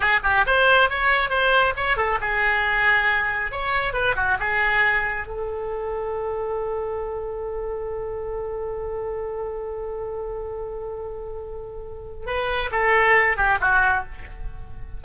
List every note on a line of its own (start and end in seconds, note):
0.00 0.20 G#4
0.23 0.45 G4
0.46 0.89 C5
0.89 1.29 C#5
1.29 1.73 C5
1.76 1.96 C#5
1.96 2.18 A4
2.20 3.51 G#4
3.51 3.93 C#5
3.93 4.15 B4
4.15 4.37 F#4
4.39 5.27 G#4
5.27 12.26 A4
12.26 12.70 B4
12.71 13.36 A4
13.36 13.58 G4
13.60 14.04 F#4